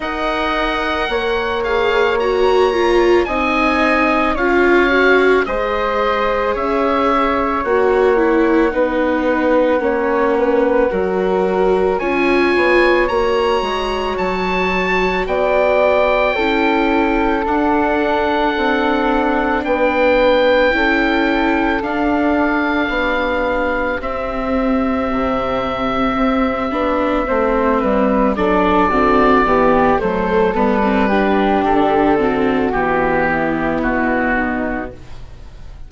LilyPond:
<<
  \new Staff \with { instrumentName = "oboe" } { \time 4/4 \tempo 4 = 55 fis''4. f''8 ais''4 gis''4 | f''4 dis''4 e''4 fis''4~ | fis''2. gis''4 | ais''4 a''4 g''2 |
fis''2 g''2 | f''2 e''2~ | e''2 d''4. c''8 | b'4 a'4 g'4 fis'4 | }
  \new Staff \with { instrumentName = "flute" } { \time 4/4 dis''4 cis''2 dis''4 | cis''4 c''4 cis''2 | b'4 cis''8 b'8 ais'4 cis''4~ | cis''2 d''4 a'4~ |
a'2 b'4 a'4~ | a'4 g'2.~ | g'4 c''8 b'8 a'8 fis'8 g'8 a'8~ | a'8 g'4 fis'4 e'4 dis'8 | }
  \new Staff \with { instrumentName = "viola" } { \time 4/4 ais'4. gis'8 fis'8 f'8 dis'4 | f'8 fis'8 gis'2 fis'8 e'8 | dis'4 cis'4 fis'4 f'4 | fis'2. e'4 |
d'2. e'4 | d'2 c'2~ | c'8 d'8 c'4 d'8 c'8 b8 a8 | b16 c'16 d'4 c'8 b2 | }
  \new Staff \with { instrumentName = "bassoon" } { \time 4/4 dis'4 ais2 c'4 | cis'4 gis4 cis'4 ais4 | b4 ais4 fis4 cis'8 b8 | ais8 gis8 fis4 b4 cis'4 |
d'4 c'4 b4 cis'4 | d'4 b4 c'4 c4 | c'8 b8 a8 g8 fis8 d8 e8 fis8 | g4 d4 e4 b,4 | }
>>